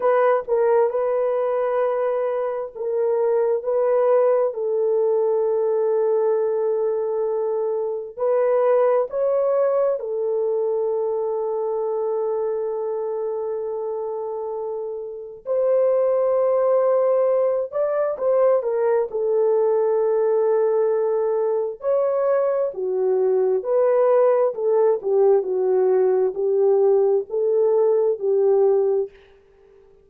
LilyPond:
\new Staff \with { instrumentName = "horn" } { \time 4/4 \tempo 4 = 66 b'8 ais'8 b'2 ais'4 | b'4 a'2.~ | a'4 b'4 cis''4 a'4~ | a'1~ |
a'4 c''2~ c''8 d''8 | c''8 ais'8 a'2. | cis''4 fis'4 b'4 a'8 g'8 | fis'4 g'4 a'4 g'4 | }